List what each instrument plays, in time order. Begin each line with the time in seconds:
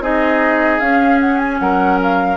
0.00 bassoon C4, clarinet D#4, oboe G#4, flute D#5
0.79 bassoon C#4, clarinet C#4, flute F5
1.20 flute F#5
1.38 flute G#5
1.59 bassoon F#3, oboe A#4, flute F#5
2.02 flute F5